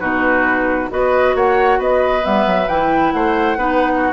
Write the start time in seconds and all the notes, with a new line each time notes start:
0.00 B2 D#4 F#4 B4
0.90 B3 F#4 B4 D#5
1.35 A#3 C#5 F#5
1.79 B3 B4 D#5
2.22 G3 B3 E5
2.47 F#3
2.68 E3 E4 G5
3.12 A3 C5 F#5
3.57 B3 D#4 B4
3.96 F#4